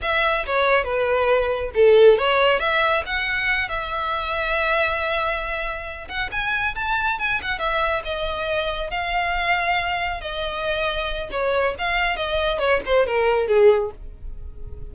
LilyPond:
\new Staff \with { instrumentName = "violin" } { \time 4/4 \tempo 4 = 138 e''4 cis''4 b'2 | a'4 cis''4 e''4 fis''4~ | fis''8 e''2.~ e''8~ | e''2 fis''8 gis''4 a''8~ |
a''8 gis''8 fis''8 e''4 dis''4.~ | dis''8 f''2. dis''8~ | dis''2 cis''4 f''4 | dis''4 cis''8 c''8 ais'4 gis'4 | }